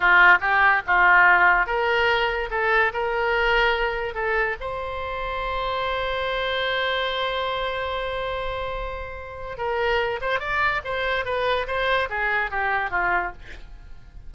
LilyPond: \new Staff \with { instrumentName = "oboe" } { \time 4/4 \tempo 4 = 144 f'4 g'4 f'2 | ais'2 a'4 ais'4~ | ais'2 a'4 c''4~ | c''1~ |
c''1~ | c''2. ais'4~ | ais'8 c''8 d''4 c''4 b'4 | c''4 gis'4 g'4 f'4 | }